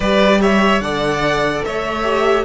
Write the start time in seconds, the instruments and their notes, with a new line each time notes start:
0.00 cello G3, viola G4, violin B4 D5
0.41 violin C#5 E5
0.79 cello D3, viola A4, violin D5 F#5
1.65 cello A3, violin C#5 E5
2.03 viola G4